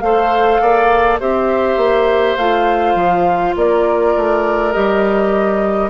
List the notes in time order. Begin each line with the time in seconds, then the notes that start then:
0.00 A3 A4 C5 F5
0.61 A#3 D5
1.20 C4 G4 C5 E5
1.77 A#3
2.37 A3 F4 F5
2.95 F3
3.56 A#3 A#4 D5
4.16 A3
4.72 G3 G4 D#5